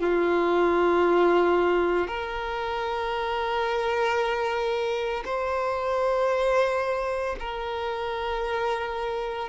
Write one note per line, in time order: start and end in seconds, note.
0.00 2.07 F4
2.07 5.23 A#4
5.25 7.36 C5
7.39 9.49 A#4